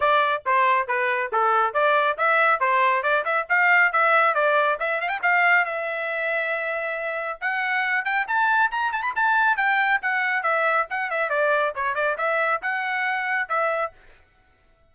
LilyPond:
\new Staff \with { instrumentName = "trumpet" } { \time 4/4 \tempo 4 = 138 d''4 c''4 b'4 a'4 | d''4 e''4 c''4 d''8 e''8 | f''4 e''4 d''4 e''8 f''16 g''16 | f''4 e''2.~ |
e''4 fis''4. g''8 a''4 | ais''8 a''16 b''16 a''4 g''4 fis''4 | e''4 fis''8 e''8 d''4 cis''8 d''8 | e''4 fis''2 e''4 | }